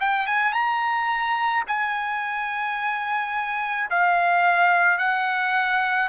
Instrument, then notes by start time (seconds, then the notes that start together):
trumpet
0.00 G5
0.26 G#5
0.52 A#5
1.67 G#5
3.90 F5
4.98 F#5